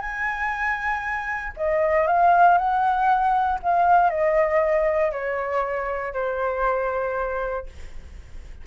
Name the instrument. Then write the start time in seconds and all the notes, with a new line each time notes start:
flute
0.00 G#5
1.57 D#5
2.07 F5
2.58 F#5
3.63 F5
4.10 D#5
5.12 C#5
6.13 C5